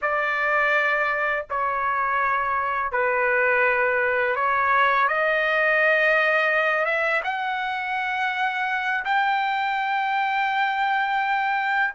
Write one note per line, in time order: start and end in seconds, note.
0.01 1.46 D5
1.50 2.91 C#5
2.91 4.35 B4
4.35 5.08 C#5
5.08 6.85 D#5
6.85 7.21 E5
7.23 9.04 F#5
9.04 11.93 G5